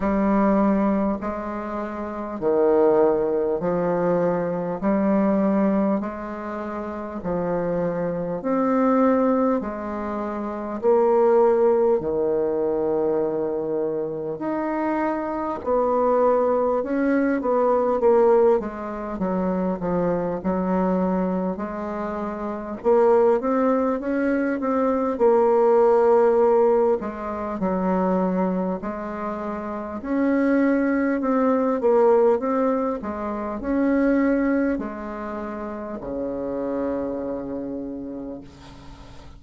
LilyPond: \new Staff \with { instrumentName = "bassoon" } { \time 4/4 \tempo 4 = 50 g4 gis4 dis4 f4 | g4 gis4 f4 c'4 | gis4 ais4 dis2 | dis'4 b4 cis'8 b8 ais8 gis8 |
fis8 f8 fis4 gis4 ais8 c'8 | cis'8 c'8 ais4. gis8 fis4 | gis4 cis'4 c'8 ais8 c'8 gis8 | cis'4 gis4 cis2 | }